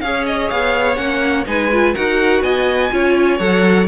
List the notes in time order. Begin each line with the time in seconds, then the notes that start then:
0.00 C#4 G#4 C#5 F5
0.26 D#5
0.50 B3 F5
0.96 A#3 C#4 F#5
1.46 G#3 D#4 B4 G#5
1.72 F4
1.94 D#4 F#4 A#4 F#5
2.41 B3 D#5 G#5
2.91 C#4 F4 C#5
3.38 F#3 A4 F#5